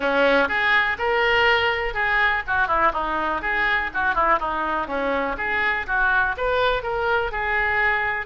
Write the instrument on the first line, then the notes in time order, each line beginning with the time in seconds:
oboe
0.00 C#4
0.48 G#4
0.98 A#4
1.94 G#4
2.47 F#4
2.67 E4
2.92 D#4
3.41 G#4
3.94 F#4
4.14 E4
4.39 D#4
4.87 C#4
5.37 G#4
5.86 F#4
6.37 B4
6.82 A#4
7.31 G#4